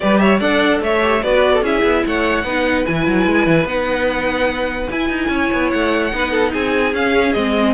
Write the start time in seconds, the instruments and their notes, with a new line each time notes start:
0.00 cello G3, viola G4, violin B4 D5
0.19 violin C#5 E5
0.39 cello D4, viola A4, violin D5 F#5
0.81 cello A3, violin C#5 E5
1.02 viola G4
1.22 cello B3, viola F#4, violin B4 D5
1.53 violin A4
1.61 cello C#4, viola E4, violin G#4 E5
1.83 cello B3
2.06 cello A3, violin C#5 F#5
2.44 cello B3, viola D#4, violin B4
2.85 cello E3, viola E4, violin G#5
3.07 cello F#3
3.26 cello G#3
3.46 cello E3
3.64 cello B3, viola D#4, violin F#5
4.90 cello E4, viola E4, violin G#5
5.09 cello D#4
5.28 cello C#4, violin C#5
5.52 cello B3
5.70 cello A3, violin F#5
6.11 cello B3, viola D#4, violin B4
6.31 violin A4
6.52 cello C4, violin G#4 G#5
6.93 cello C#4, viola C#4, violin F5
7.32 cello G#3, viola C4, violin D#5